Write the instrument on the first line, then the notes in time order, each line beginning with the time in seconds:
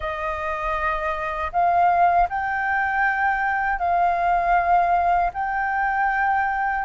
flute
0.00 D#5
1.52 F5
2.29 G5
3.78 F5
5.33 G5